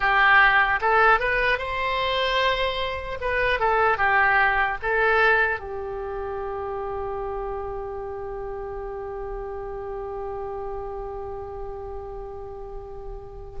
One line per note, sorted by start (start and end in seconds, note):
0.00 0.80 G4
0.81 1.19 A4
1.19 1.58 B4
1.58 3.18 C5
3.20 3.59 B4
3.59 3.97 A4
3.97 4.77 G4
4.82 5.59 A4
5.59 13.59 G4